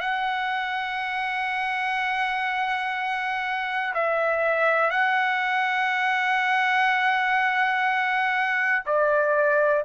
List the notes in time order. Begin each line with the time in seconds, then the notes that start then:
0.00 F#5
3.94 E5
4.90 F#5
8.86 D5